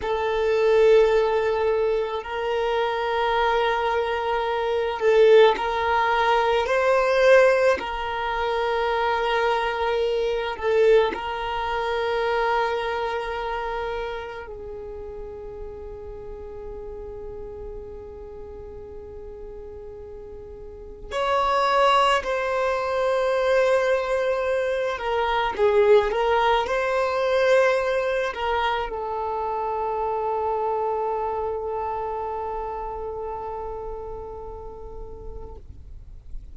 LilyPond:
\new Staff \with { instrumentName = "violin" } { \time 4/4 \tempo 4 = 54 a'2 ais'2~ | ais'8 a'8 ais'4 c''4 ais'4~ | ais'4. a'8 ais'2~ | ais'4 gis'2.~ |
gis'2. cis''4 | c''2~ c''8 ais'8 gis'8 ais'8 | c''4. ais'8 a'2~ | a'1 | }